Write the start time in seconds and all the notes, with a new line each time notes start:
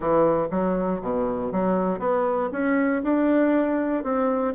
0.00 E3
0.50 F#3
1.01 B2
1.51 F#3
1.99 B3
2.52 C#4
3.03 D4
4.03 C4